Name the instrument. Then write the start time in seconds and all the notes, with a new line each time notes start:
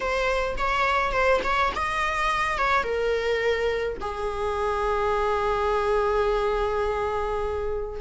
viola
0.00 C5
0.57 C#5
1.11 C5
1.43 C#5
1.75 D#5
2.57 C#5
2.83 A#4
4.01 G#4